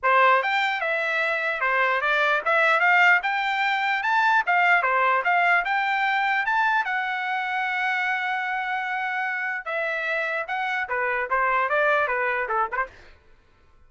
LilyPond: \new Staff \with { instrumentName = "trumpet" } { \time 4/4 \tempo 4 = 149 c''4 g''4 e''2 | c''4 d''4 e''4 f''4 | g''2 a''4 f''4 | c''4 f''4 g''2 |
a''4 fis''2.~ | fis''1 | e''2 fis''4 b'4 | c''4 d''4 b'4 a'8 b'16 c''16 | }